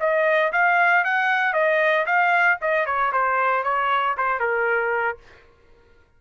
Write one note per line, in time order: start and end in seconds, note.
0.00 0.52 D#5
0.52 1.04 F5
1.04 1.53 F#5
1.53 2.06 D#5
2.06 2.58 F5
2.61 2.86 D#5
2.86 3.12 C#5
3.12 3.64 C5
3.64 4.16 C#5
4.17 4.40 C5
4.40 5.18 A#4